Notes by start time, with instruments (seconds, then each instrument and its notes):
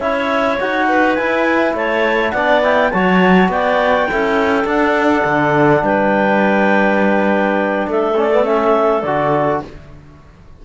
0.00 cello C#4, trombone E4, clarinet C#5 E5
0.60 cello D#4, trombone F#4, clarinet F#5
0.88 clarinet B4
1.15 trombone E4, cello E4, clarinet G#5
1.74 cello A3, clarinet C#5 A5
2.31 cello B3, trombone D4, clarinet D5 F#5
2.63 trombone E4, clarinet G5
2.91 cello F#3, trombone F#4, clarinet C#5 A5
3.48 cello B3, clarinet D5 G5
4.10 cello C#4, trombone E4, clarinet A4
4.64 cello D4, trombone D4, clarinet F#5
5.24 cello D3
5.83 cello G3, clarinet B4 G5
7.88 cello A3, clarinet A4 E5
8.16 trombone C#4, clarinet D5
8.32 trombone B3
8.44 trombone C#4, clarinet E5
9.02 cello D3, trombone F#4, clarinet D5